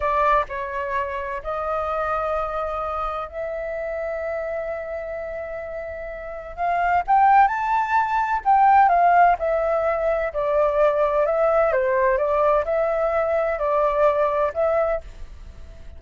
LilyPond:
\new Staff \with { instrumentName = "flute" } { \time 4/4 \tempo 4 = 128 d''4 cis''2 dis''4~ | dis''2. e''4~ | e''1~ | e''2 f''4 g''4 |
a''2 g''4 f''4 | e''2 d''2 | e''4 c''4 d''4 e''4~ | e''4 d''2 e''4 | }